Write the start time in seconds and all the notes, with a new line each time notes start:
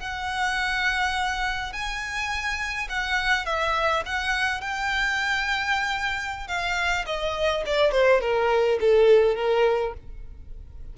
0.00 F#5
1.73 G#5
2.90 F#5
3.46 E5
4.06 F#5
4.61 G5
6.48 F5
7.06 D#5
7.66 D5
7.92 C5
8.21 A#4
8.81 A4
9.36 A#4